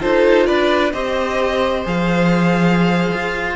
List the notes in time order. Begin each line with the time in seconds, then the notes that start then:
0.00 D#4 F4 A4 C5
0.47 D4 B4 D5
0.93 C4 G4 C5 D#5
1.85 F3 G#4 F5
3.13 F4